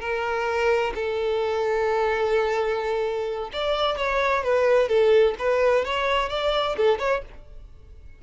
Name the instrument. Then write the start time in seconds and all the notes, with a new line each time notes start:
violin
0.00 A#4
0.94 A4
3.52 D5
3.97 C#5
4.43 B4
4.88 A4
5.38 B4
5.85 C#5
6.29 D5
6.77 A4
6.99 C#5